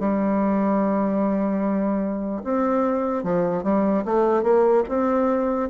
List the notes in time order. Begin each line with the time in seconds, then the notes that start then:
0.00 G3
2.44 C4
3.24 F3
3.64 G3
4.05 A3
4.43 A#3
4.89 C4